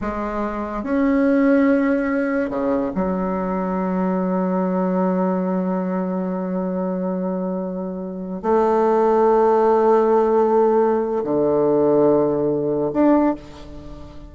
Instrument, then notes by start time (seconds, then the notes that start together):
bassoon
0.01 G#3
0.83 C#4
2.50 C#3
2.94 F#3
8.42 A3
11.24 D3
12.93 D4